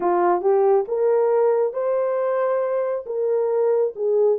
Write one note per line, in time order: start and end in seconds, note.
0.00 0.41 F4
0.41 0.85 G4
0.87 1.73 A#4
1.73 3.04 C5
3.06 3.93 A#4
3.95 4.38 G#4